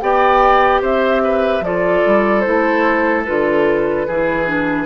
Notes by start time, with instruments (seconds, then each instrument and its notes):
0.00 bassoon B3, clarinet G4, oboe D5, flute G5
0.81 bassoon C4, oboe C5, flute E5
1.23 oboe B4
1.60 bassoon F3, clarinet F4, oboe A4, flute D5
2.05 bassoon G3
2.40 clarinet E4, flute C5
2.47 bassoon A3
3.25 bassoon D3, clarinet F4, flute B4
4.07 bassoon E3, clarinet E4, oboe G#4
4.45 clarinet D4